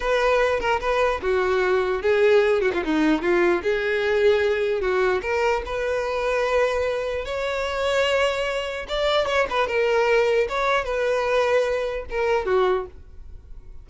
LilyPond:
\new Staff \with { instrumentName = "violin" } { \time 4/4 \tempo 4 = 149 b'4. ais'8 b'4 fis'4~ | fis'4 gis'4. fis'16 f'16 dis'4 | f'4 gis'2. | fis'4 ais'4 b'2~ |
b'2 cis''2~ | cis''2 d''4 cis''8 b'8 | ais'2 cis''4 b'4~ | b'2 ais'4 fis'4 | }